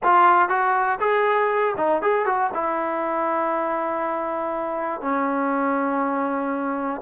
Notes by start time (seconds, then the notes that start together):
0.03 F4
0.48 F#4
1.00 G#4
1.77 D#4
2.02 G#4
2.25 F#4
2.54 E4
5.01 C#4